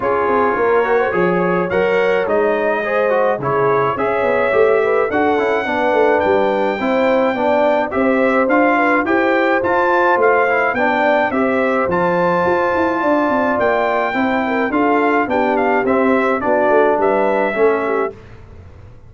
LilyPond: <<
  \new Staff \with { instrumentName = "trumpet" } { \time 4/4 \tempo 4 = 106 cis''2. fis''4 | dis''2 cis''4 e''4~ | e''4 fis''2 g''4~ | g''2 e''4 f''4 |
g''4 a''4 f''4 g''4 | e''4 a''2. | g''2 f''4 g''8 f''8 | e''4 d''4 e''2 | }
  \new Staff \with { instrumentName = "horn" } { \time 4/4 gis'4 ais'8. c''16 cis''2~ | cis''4 c''4 gis'4 cis''4~ | cis''8 b'8 a'4 b'2 | c''4 d''4 c''4. b'8 |
c''2. d''4 | c''2. d''4~ | d''4 c''8 ais'8 a'4 g'4~ | g'4 fis'4 b'4 a'8 g'8 | }
  \new Staff \with { instrumentName = "trombone" } { \time 4/4 f'4. fis'8 gis'4 ais'4 | dis'4 gis'8 fis'8 e'4 gis'4 | g'4 fis'8 e'8 d'2 | e'4 d'4 g'4 f'4 |
g'4 f'4. e'8 d'4 | g'4 f'2.~ | f'4 e'4 f'4 d'4 | c'4 d'2 cis'4 | }
  \new Staff \with { instrumentName = "tuba" } { \time 4/4 cis'8 c'8 ais4 f4 fis4 | gis2 cis4 cis'8 b8 | a4 d'8 cis'8 b8 a8 g4 | c'4 b4 c'4 d'4 |
e'4 f'4 a4 b4 | c'4 f4 f'8 e'8 d'8 c'8 | ais4 c'4 d'4 b4 | c'4 b8 a8 g4 a4 | }
>>